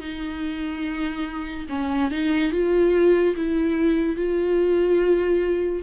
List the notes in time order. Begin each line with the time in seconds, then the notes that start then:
0.00 D#4
1.69 C#4
2.11 D#4
2.52 F4
3.35 E4
4.16 F4